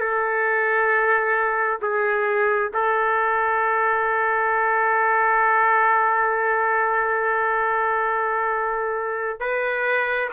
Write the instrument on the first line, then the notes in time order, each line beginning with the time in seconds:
trumpet
0.00 A4
1.82 G#4
2.74 A4
9.40 B4